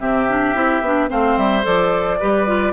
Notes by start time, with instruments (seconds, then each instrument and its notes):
0.00 bassoon C3, clarinet C4, oboe G4, flute E5
0.29 clarinet D4
0.55 bassoon C4, clarinet E4
0.81 bassoon B3, clarinet D4
1.08 bassoon A3, clarinet C4, oboe C5, flute F5
1.37 bassoon G3, flute E5
1.63 bassoon F3, clarinet A4, flute D5
2.19 bassoon G3, clarinet G4, oboe B4
2.47 clarinet F4